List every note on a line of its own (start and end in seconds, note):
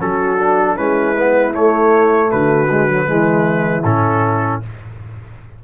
0.00 0.78 F#3
0.00 0.38 C#4
0.00 0.74 F#4
0.00 0.77 A4
0.38 0.77 D4
0.74 1.55 G#3
0.74 1.15 C#4
0.74 2.28 E4
0.74 1.54 B4
1.18 1.53 B3
1.53 2.68 A3
1.53 2.32 A3
1.53 2.31 C#5
2.30 3.09 D3
2.30 3.07 F#4
2.30 3.84 B4
2.70 2.88 G#3
2.88 3.06 F#3
3.06 3.83 E3
3.06 3.83 G#3
3.06 4.63 E4
3.83 4.60 A2
3.83 4.62 C#4
3.83 4.61 A4